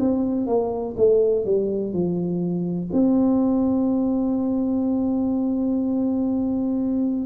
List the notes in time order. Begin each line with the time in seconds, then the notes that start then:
0.00 C4
0.47 A#3
0.97 A3
1.45 G3
1.94 F3
2.93 C4